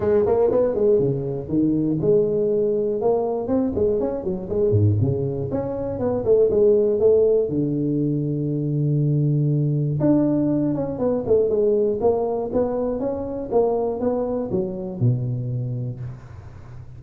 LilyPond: \new Staff \with { instrumentName = "tuba" } { \time 4/4 \tempo 4 = 120 gis8 ais8 b8 gis8 cis4 dis4 | gis2 ais4 c'8 gis8 | cis'8 fis8 gis8 gis,8 cis4 cis'4 | b8 a8 gis4 a4 d4~ |
d1 | d'4. cis'8 b8 a8 gis4 | ais4 b4 cis'4 ais4 | b4 fis4 b,2 | }